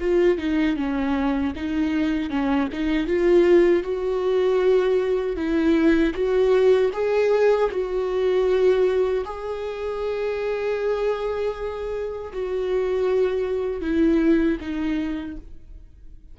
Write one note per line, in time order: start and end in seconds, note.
0.00 0.38 F4
0.38 0.76 D#4
0.76 1.53 C#4
1.56 2.30 D#4
2.30 2.69 C#4
2.72 3.07 D#4
3.07 3.83 F4
3.83 5.36 F#4
5.36 6.13 E4
6.14 6.91 F#4
6.93 7.70 G#4
7.71 9.24 F#4
9.24 12.32 G#4
12.33 13.81 F#4
13.81 14.58 E4
14.60 15.37 D#4